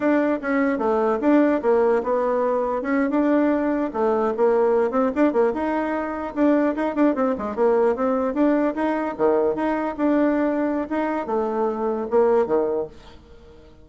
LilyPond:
\new Staff \with { instrumentName = "bassoon" } { \time 4/4 \tempo 4 = 149 d'4 cis'4 a4 d'4 | ais4 b2 cis'8. d'16~ | d'4.~ d'16 a4 ais4~ ais16~ | ais16 c'8 d'8 ais8 dis'2 d'16~ |
d'8. dis'8 d'8 c'8 gis8 ais4 c'16~ | c'8. d'4 dis'4 dis4 dis'16~ | dis'8. d'2~ d'16 dis'4 | a2 ais4 dis4 | }